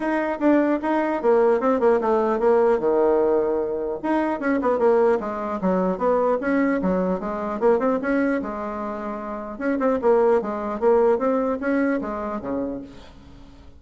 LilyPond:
\new Staff \with { instrumentName = "bassoon" } { \time 4/4 \tempo 4 = 150 dis'4 d'4 dis'4 ais4 | c'8 ais8 a4 ais4 dis4~ | dis2 dis'4 cis'8 b8 | ais4 gis4 fis4 b4 |
cis'4 fis4 gis4 ais8 c'8 | cis'4 gis2. | cis'8 c'8 ais4 gis4 ais4 | c'4 cis'4 gis4 cis4 | }